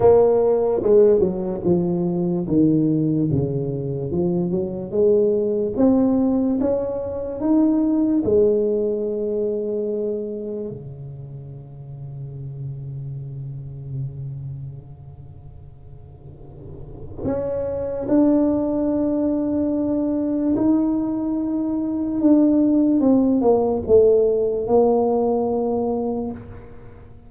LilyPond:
\new Staff \with { instrumentName = "tuba" } { \time 4/4 \tempo 4 = 73 ais4 gis8 fis8 f4 dis4 | cis4 f8 fis8 gis4 c'4 | cis'4 dis'4 gis2~ | gis4 cis2.~ |
cis1~ | cis4 cis'4 d'2~ | d'4 dis'2 d'4 | c'8 ais8 a4 ais2 | }